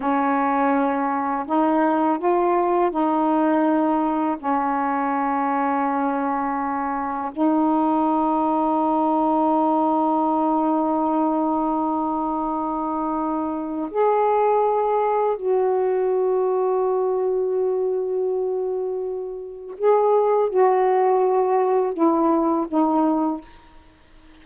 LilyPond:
\new Staff \with { instrumentName = "saxophone" } { \time 4/4 \tempo 4 = 82 cis'2 dis'4 f'4 | dis'2 cis'2~ | cis'2 dis'2~ | dis'1~ |
dis'2. gis'4~ | gis'4 fis'2.~ | fis'2. gis'4 | fis'2 e'4 dis'4 | }